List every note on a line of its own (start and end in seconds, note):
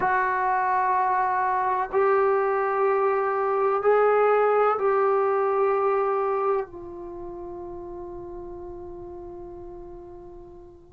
0.00 1.90 F#4
1.92 3.82 G4
3.82 4.77 G#4
4.78 6.66 G4
6.66 10.93 F4